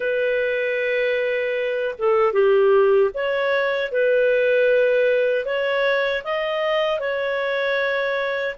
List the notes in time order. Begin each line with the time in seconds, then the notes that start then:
0.00 B4
1.98 A4
2.32 G4
3.13 C#5
3.91 B4
5.45 C#5
6.23 D#5
7.00 C#5